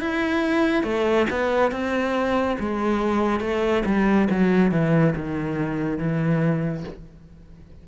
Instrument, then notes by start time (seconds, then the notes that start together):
cello
0.00 E4
0.83 A3
1.30 B3
1.71 C4
2.59 G#3
3.40 A3
3.85 G3
4.30 F#3
4.71 E3
5.15 D#3
5.98 E3